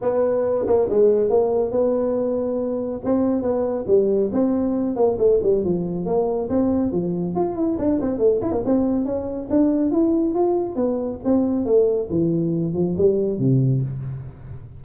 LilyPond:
\new Staff \with { instrumentName = "tuba" } { \time 4/4 \tempo 4 = 139 b4. ais8 gis4 ais4 | b2. c'4 | b4 g4 c'4. ais8 | a8 g8 f4 ais4 c'4 |
f4 f'8 e'8 d'8 c'8 a8 e'16 ais16 | c'4 cis'4 d'4 e'4 | f'4 b4 c'4 a4 | e4. f8 g4 c4 | }